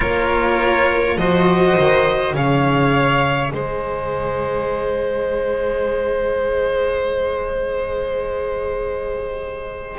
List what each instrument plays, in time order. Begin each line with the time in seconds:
0.00 double bass A#3, cello F4, violin A#4 C#5
1.17 double bass F3, cello F#4, violin C5 D#5
1.78 double bass D#3
2.33 double bass C#3, cello G#4, violin C#5 F5
3.50 double bass G#3, violin C5 D#5